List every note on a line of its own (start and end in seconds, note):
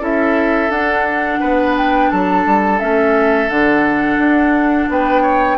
0.00 0.69 C#4
0.00 0.70 E4
0.00 1.40 A4
0.00 0.71 E5
0.69 1.39 D4
0.69 2.80 D4
0.69 1.76 F#5
1.40 2.12 B3
1.40 2.10 B4
1.77 2.11 G5
2.10 2.46 F#3
2.10 4.90 A4
2.10 2.80 A5
2.46 2.81 G3
2.80 3.50 A3
2.80 3.49 C#4
2.80 3.50 E5
3.50 4.18 D3
3.50 5.58 D4
3.50 4.90 F#5
4.18 4.88 D4
4.89 5.58 B3
4.89 5.22 B4
4.89 5.58 G5
5.22 5.57 C#5